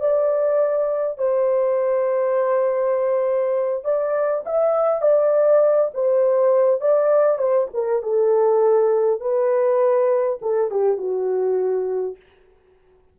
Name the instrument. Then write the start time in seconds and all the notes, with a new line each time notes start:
horn
0.00 D5
1.18 C5
3.84 D5
4.46 E5
5.02 D5
5.94 C5
6.81 D5
7.38 C5
7.74 A#4
8.02 A4
9.20 B4
10.42 A4
10.71 G4
10.97 F#4